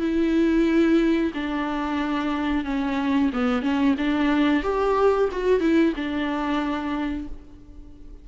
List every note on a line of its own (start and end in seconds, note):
0.00 1.32 E4
1.34 2.65 D4
2.65 3.31 C#4
3.33 3.62 B3
3.62 3.95 C#4
3.98 4.63 D4
4.63 5.29 G4
5.32 5.60 F#4
5.60 5.93 E4
5.96 7.28 D4